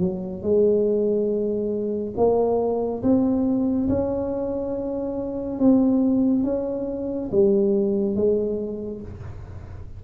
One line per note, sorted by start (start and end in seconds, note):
0.00 0.43 F#3
0.43 2.14 G#3
2.17 3.03 A#3
3.03 3.89 C4
3.89 5.59 C#4
5.59 6.44 C4
6.44 7.30 C#4
7.32 8.16 G3
8.16 9.02 G#3